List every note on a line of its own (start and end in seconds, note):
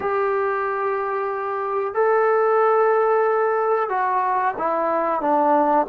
0.00 1.94 G4
1.94 3.89 A4
3.89 4.54 F#4
4.57 5.21 E4
5.21 5.86 D4